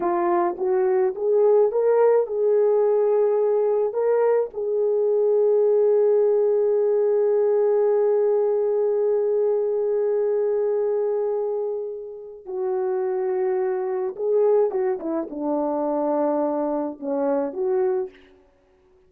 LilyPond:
\new Staff \with { instrumentName = "horn" } { \time 4/4 \tempo 4 = 106 f'4 fis'4 gis'4 ais'4 | gis'2. ais'4 | gis'1~ | gis'1~ |
gis'1~ | gis'2 fis'2~ | fis'4 gis'4 fis'8 e'8 d'4~ | d'2 cis'4 fis'4 | }